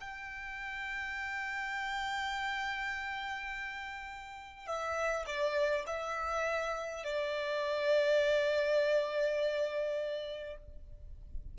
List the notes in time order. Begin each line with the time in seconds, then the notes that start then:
0.00 G5
4.66 E5
5.26 D5
5.86 E5
7.04 D5